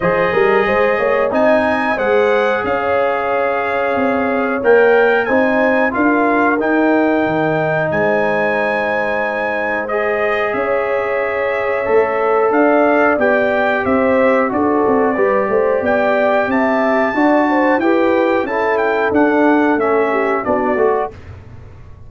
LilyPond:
<<
  \new Staff \with { instrumentName = "trumpet" } { \time 4/4 \tempo 4 = 91 dis''2 gis''4 fis''4 | f''2. g''4 | gis''4 f''4 g''2 | gis''2. dis''4 |
e''2. f''4 | g''4 e''4 d''2 | g''4 a''2 g''4 | a''8 g''8 fis''4 e''4 d''4 | }
  \new Staff \with { instrumentName = "horn" } { \time 4/4 c''8 ais'8 c''8 cis''8 dis''4 c''4 | cis''1 | c''4 ais'2. | c''1 |
cis''2. d''4~ | d''4 c''4 a'4 b'8 c''8 | d''4 e''4 d''8 c''8 b'4 | a'2~ a'8 g'8 fis'4 | }
  \new Staff \with { instrumentName = "trombone" } { \time 4/4 gis'2 dis'4 gis'4~ | gis'2. ais'4 | dis'4 f'4 dis'2~ | dis'2. gis'4~ |
gis'2 a'2 | g'2 fis'4 g'4~ | g'2 fis'4 g'4 | e'4 d'4 cis'4 d'8 fis'8 | }
  \new Staff \with { instrumentName = "tuba" } { \time 4/4 f8 g8 gis8 ais8 c'4 gis4 | cis'2 c'4 ais4 | c'4 d'4 dis'4 dis4 | gis1 |
cis'2 a4 d'4 | b4 c'4 d'8 c'8 g8 a8 | b4 c'4 d'4 e'4 | cis'4 d'4 a4 b8 a8 | }
>>